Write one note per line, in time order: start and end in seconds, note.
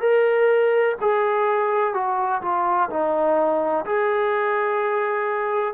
0.00 0.95 A#4
1.01 1.94 G#4
1.94 2.41 F#4
2.42 2.89 F4
2.90 3.85 D#4
3.85 5.74 G#4